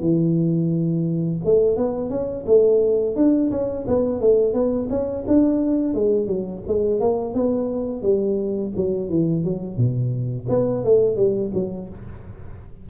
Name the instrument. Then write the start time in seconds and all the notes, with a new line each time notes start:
tuba
0.00 E3
1.45 A3
1.76 B3
2.10 C#4
2.46 A3
3.16 D4
3.51 C#4
3.87 B3
4.21 A3
4.53 B3
4.90 C#4
5.27 D4
5.94 G#3
6.27 F#3
6.67 G#3
7.00 A#3
7.34 B3
8.02 G3
8.76 F#3
9.10 E3
9.44 F#3
9.77 B2
10.49 B3
10.84 A3
11.16 G3
11.54 F#3